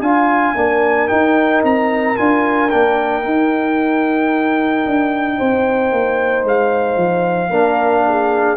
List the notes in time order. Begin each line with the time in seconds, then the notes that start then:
0.00 D4 F4 F5 G#5
0.54 A#3 D4 A#4
1.08 D#4 G5
1.63 C4 A#5
2.15 D4 F4 G#5
2.70 A#3 D4 G5
3.22 D#4
4.85 D4
5.37 C4 C5
5.91 A#3
6.44 G#3 F5
6.96 F3
7.50 A#3 D4 A#4
8.07 G#4